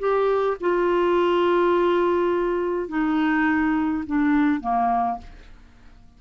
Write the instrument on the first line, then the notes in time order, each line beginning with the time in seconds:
clarinet
0.00 G4
0.61 F4
2.89 D#4
4.07 D4
4.61 A#3